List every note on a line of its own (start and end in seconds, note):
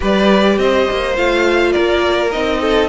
0.00 0.58 G3
0.00 1.13 G4
0.00 0.57 B4
0.00 0.58 D5
0.58 0.86 C4
0.58 1.72 C5
0.58 1.16 D#5
0.90 1.17 A#3
1.16 1.75 A3
1.16 2.31 F4
1.16 1.72 F5
1.72 2.34 A#3
1.72 2.59 A#4
1.72 2.30 D5
2.31 2.88 C4
2.31 2.88 D#4
2.31 2.88 D#5
2.61 2.88 A4